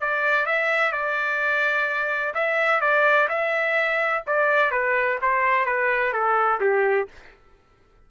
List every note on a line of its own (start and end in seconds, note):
0.00 0.45 D5
0.45 0.91 E5
0.91 2.33 D5
2.34 2.80 E5
2.80 3.28 D5
3.28 4.23 E5
4.26 4.71 D5
4.71 5.18 B4
5.21 5.65 C5
5.65 6.12 B4
6.12 6.60 A4
6.60 7.07 G4